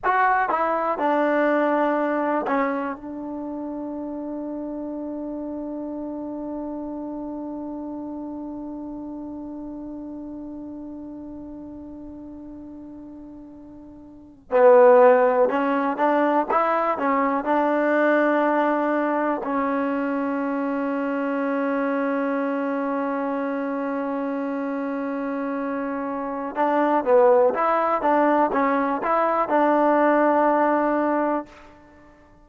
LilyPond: \new Staff \with { instrumentName = "trombone" } { \time 4/4 \tempo 4 = 61 fis'8 e'8 d'4. cis'8 d'4~ | d'1~ | d'1~ | d'2~ d'8. b4 cis'16~ |
cis'16 d'8 e'8 cis'8 d'2 cis'16~ | cis'1~ | cis'2. d'8 b8 | e'8 d'8 cis'8 e'8 d'2 | }